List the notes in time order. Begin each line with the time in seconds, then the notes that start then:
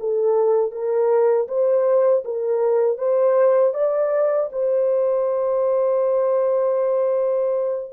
0.00 A4
0.72 A#4
1.48 C5
2.25 A#4
2.98 C5
3.74 D5
4.53 C5